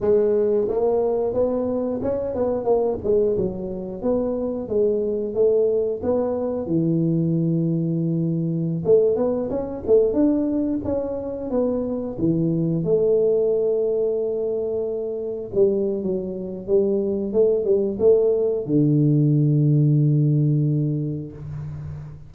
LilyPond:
\new Staff \with { instrumentName = "tuba" } { \time 4/4 \tempo 4 = 90 gis4 ais4 b4 cis'8 b8 | ais8 gis8 fis4 b4 gis4 | a4 b4 e2~ | e4~ e16 a8 b8 cis'8 a8 d'8.~ |
d'16 cis'4 b4 e4 a8.~ | a2.~ a16 g8. | fis4 g4 a8 g8 a4 | d1 | }